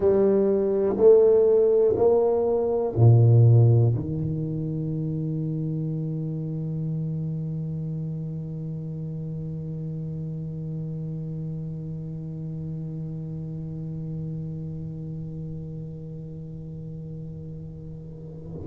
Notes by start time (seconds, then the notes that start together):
0.00 G3
0.96 A3
1.96 A#3
2.96 A#2
3.94 D#3